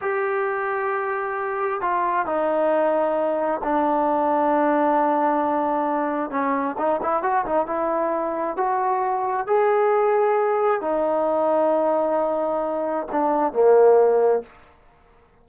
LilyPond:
\new Staff \with { instrumentName = "trombone" } { \time 4/4 \tempo 4 = 133 g'1 | f'4 dis'2. | d'1~ | d'2 cis'4 dis'8 e'8 |
fis'8 dis'8 e'2 fis'4~ | fis'4 gis'2. | dis'1~ | dis'4 d'4 ais2 | }